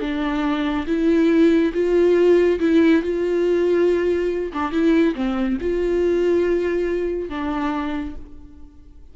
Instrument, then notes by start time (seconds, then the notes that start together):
viola
0.00 D4
0.86 E4
1.73 F4
2.59 E4
3.02 F4
4.53 D4
4.71 E4
5.15 C4
5.61 F4
7.29 D4